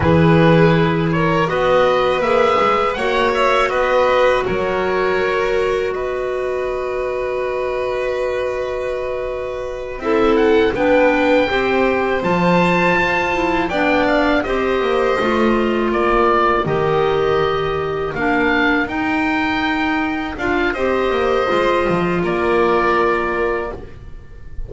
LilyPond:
<<
  \new Staff \with { instrumentName = "oboe" } { \time 4/4 \tempo 4 = 81 b'4. cis''8 dis''4 e''4 | fis''8 e''8 dis''4 cis''2 | dis''1~ | dis''4. e''8 fis''8 g''4.~ |
g''8 a''2 g''8 f''8 dis''8~ | dis''4. d''4 dis''4.~ | dis''8 f''4 g''2 f''8 | dis''2 d''2 | }
  \new Staff \with { instrumentName = "violin" } { \time 4/4 gis'4. ais'8 b'2 | cis''4 b'4 ais'2 | b'1~ | b'4. a'4 b'4 c''8~ |
c''2~ c''8 d''4 c''8~ | c''4. ais'2~ ais'8~ | ais'1 | c''2 ais'2 | }
  \new Staff \with { instrumentName = "clarinet" } { \time 4/4 e'2 fis'4 gis'4 | fis'1~ | fis'1~ | fis'4. e'4 d'4 g'8~ |
g'8 f'4. e'8 d'4 g'8~ | g'8 f'2 g'4.~ | g'8 d'4 dis'2 f'8 | g'4 f'2. | }
  \new Staff \with { instrumentName = "double bass" } { \time 4/4 e2 b4 ais8 gis8 | ais4 b4 fis2 | b1~ | b4. c'4 b4 c'8~ |
c'8 f4 f'4 b4 c'8 | ais8 a4 ais4 dis4.~ | dis8 ais4 dis'2 d'8 | c'8 ais8 gis8 f8 ais2 | }
>>